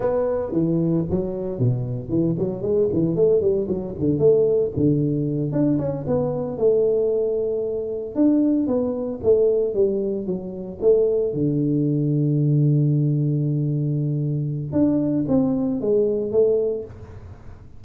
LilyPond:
\new Staff \with { instrumentName = "tuba" } { \time 4/4 \tempo 4 = 114 b4 e4 fis4 b,4 | e8 fis8 gis8 e8 a8 g8 fis8 d8 | a4 d4. d'8 cis'8 b8~ | b8 a2. d'8~ |
d'8 b4 a4 g4 fis8~ | fis8 a4 d2~ d8~ | d1 | d'4 c'4 gis4 a4 | }